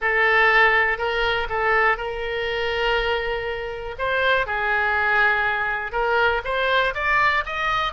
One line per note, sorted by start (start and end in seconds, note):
0.01 0.98 A4
0.98 1.47 A#4
1.49 1.97 A4
1.97 3.95 A#4
3.98 4.46 C5
4.46 5.92 G#4
5.92 6.41 A#4
6.44 6.94 C5
6.94 7.44 D5
7.45 7.92 D#5